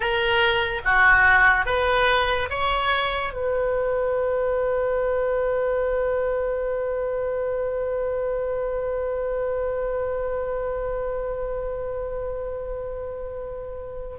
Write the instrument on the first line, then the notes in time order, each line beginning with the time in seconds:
oboe
0.00 A#4
0.84 F#4
1.65 B4
2.50 C#5
3.33 B4